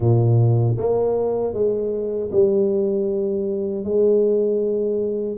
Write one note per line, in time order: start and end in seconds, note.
0.00 0.77 A#2
0.77 1.53 A#3
1.53 2.30 G#3
2.31 3.84 G3
3.84 5.38 G#3